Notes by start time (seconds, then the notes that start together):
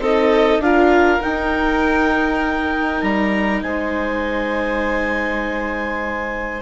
0.00 C4 D#4 A4 D#5
0.59 D4 F4 F5
0.65 A#4
1.21 D#4 G5
3.02 G3 A#5
3.62 G#3 C5 G#5